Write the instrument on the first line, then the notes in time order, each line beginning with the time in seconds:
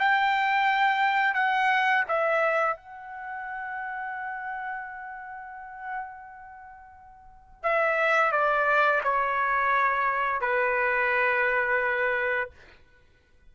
trumpet
0.00 G5
1.34 F#5
2.08 E5
2.77 F#5
7.63 E5
8.32 D5
9.04 C#5
10.41 B4